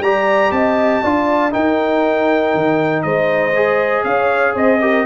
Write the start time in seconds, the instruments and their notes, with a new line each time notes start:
0.00 tuba G3, trombone G4, horn D5, trumpet A#5
0.51 tuba C4, horn D#5, trumpet A5
1.03 tuba D4, trombone F4, horn D5
1.51 trombone D#4, tuba D#4, horn A#4, trumpet G5
2.55 tuba D#3
3.03 tuba G#3, horn C5, trumpet D#5
3.56 trombone G#4
4.04 tuba C#4, horn C#5, trumpet F5
4.55 tuba C4, horn C5, trumpet D#5
4.81 trombone G4, horn A#4